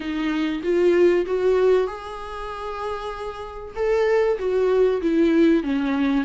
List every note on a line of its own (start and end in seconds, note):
0.00 0.62 D#4
0.62 1.25 F4
1.26 1.87 F#4
1.87 3.74 G#4
3.75 4.38 A4
4.38 5.01 F#4
5.01 5.63 E4
5.63 6.24 C#4